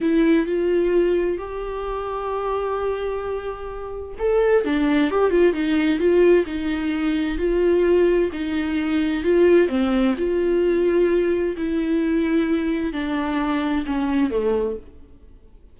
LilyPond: \new Staff \with { instrumentName = "viola" } { \time 4/4 \tempo 4 = 130 e'4 f'2 g'4~ | g'1~ | g'4 a'4 d'4 g'8 f'8 | dis'4 f'4 dis'2 |
f'2 dis'2 | f'4 c'4 f'2~ | f'4 e'2. | d'2 cis'4 a4 | }